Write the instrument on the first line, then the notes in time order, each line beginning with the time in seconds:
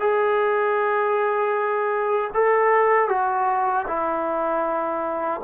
trombone
0.00 G#4
2.34 A4
3.09 F#4
3.87 E4